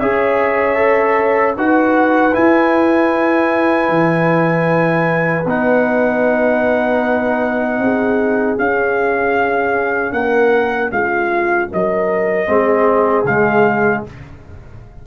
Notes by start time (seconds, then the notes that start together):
0.00 C#4 G#4 C#5 E5
0.76 A4
1.57 D#4 F#4 B4 F#5
2.33 E4 G#5
3.89 E3
5.46 B3 D#4 F#5
7.79 C4 G#4
8.58 C#4 F5
10.12 A#3 A#4 F#5
10.92 G#3 F4 F5
11.72 F#3 A#4 D#5
12.47 G#3 C4 G#4
13.24 C#3 G#3 F5